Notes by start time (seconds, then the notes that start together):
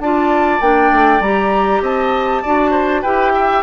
0.00 D4 F4 D5 A5
0.61 A#3 D4 G5
0.92 A3
1.20 G3 G4 A#5
1.81 C4 D#5 A5
2.42 D4 F#4 D5
2.71 C5
3.02 E4 G4 B4 G5
3.35 E5